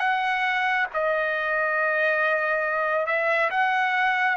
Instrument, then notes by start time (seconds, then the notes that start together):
trumpet
0.00 F#5
0.94 D#5
3.07 E5
3.51 F#5